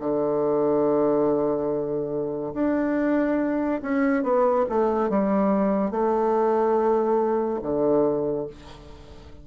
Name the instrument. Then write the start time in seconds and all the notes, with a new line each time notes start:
bassoon
0.00 D3
2.54 D4
3.83 C#4
4.23 B3
4.69 A3
5.10 G3
5.91 A3
7.63 D3